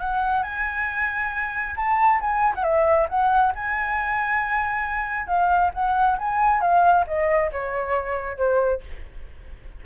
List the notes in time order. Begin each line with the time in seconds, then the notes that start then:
0.00 F#5
0.43 G#5
1.76 A5
2.21 G#5
2.55 F#5
2.63 E5
3.09 F#5
3.55 G#5
5.27 F5
5.74 F#5
6.18 G#5
6.61 F5
7.07 D#5
7.52 C#5
8.37 C5